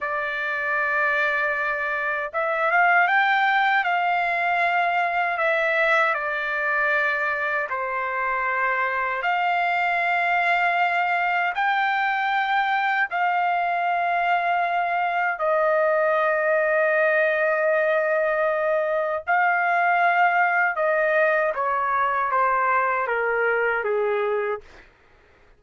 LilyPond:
\new Staff \with { instrumentName = "trumpet" } { \time 4/4 \tempo 4 = 78 d''2. e''8 f''8 | g''4 f''2 e''4 | d''2 c''2 | f''2. g''4~ |
g''4 f''2. | dis''1~ | dis''4 f''2 dis''4 | cis''4 c''4 ais'4 gis'4 | }